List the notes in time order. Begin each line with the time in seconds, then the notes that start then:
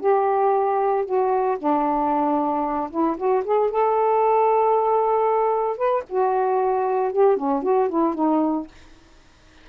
0.00 G4
1.05 F#4
1.58 D4
2.90 E4
3.17 F#4
3.44 G#4
3.70 A4
5.78 B4
6.09 F#4
7.13 G4
7.37 C#4
7.63 F#4
7.89 E4
8.15 D#4